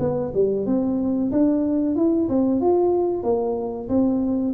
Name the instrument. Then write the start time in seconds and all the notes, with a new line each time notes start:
tuba
0.00 B3
0.34 G3
0.66 C4
1.32 D4
1.96 E4
2.29 C4
2.61 F4
3.23 A#3
3.89 C4